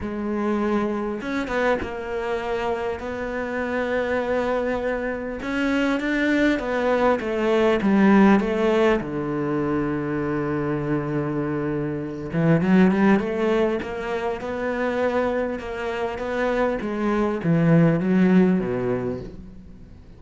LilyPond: \new Staff \with { instrumentName = "cello" } { \time 4/4 \tempo 4 = 100 gis2 cis'8 b8 ais4~ | ais4 b2.~ | b4 cis'4 d'4 b4 | a4 g4 a4 d4~ |
d1~ | d8 e8 fis8 g8 a4 ais4 | b2 ais4 b4 | gis4 e4 fis4 b,4 | }